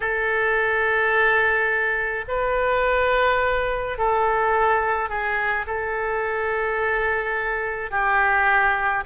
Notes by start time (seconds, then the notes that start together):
0.00 A4
2.27 B4
3.97 A4
5.09 G#4
5.66 A4
7.90 G4